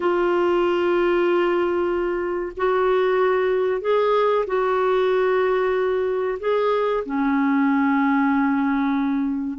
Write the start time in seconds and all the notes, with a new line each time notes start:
0.00 F4
2.56 F#4
3.81 G#4
4.47 F#4
6.39 G#4
7.05 C#4